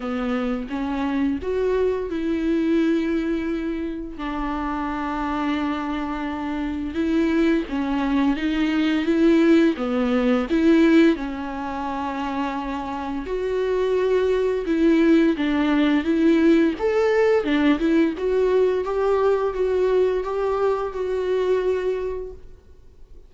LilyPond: \new Staff \with { instrumentName = "viola" } { \time 4/4 \tempo 4 = 86 b4 cis'4 fis'4 e'4~ | e'2 d'2~ | d'2 e'4 cis'4 | dis'4 e'4 b4 e'4 |
cis'2. fis'4~ | fis'4 e'4 d'4 e'4 | a'4 d'8 e'8 fis'4 g'4 | fis'4 g'4 fis'2 | }